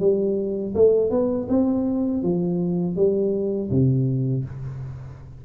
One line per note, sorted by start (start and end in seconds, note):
0.00 0.74 G3
0.75 1.10 A3
1.10 1.47 B3
1.48 2.23 C4
2.23 2.96 F3
2.96 3.70 G3
3.70 4.44 C3